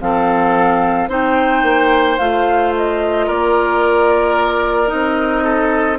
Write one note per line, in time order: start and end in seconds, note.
0.00 1.08 F3
0.00 1.09 C4
0.00 1.08 A4
0.00 1.10 F5
1.08 1.62 C4
1.08 2.18 D#4
1.08 3.26 C5
1.08 2.17 G5
1.62 2.17 A#3
2.17 3.28 A3
2.17 4.87 F4
2.17 2.72 F5
2.76 3.29 D#5
3.26 4.92 A#3
3.26 5.43 A#4
3.26 4.88 D5
4.87 5.98 C4
4.87 5.96 D#4
4.87 5.97 D#5
5.43 5.97 A4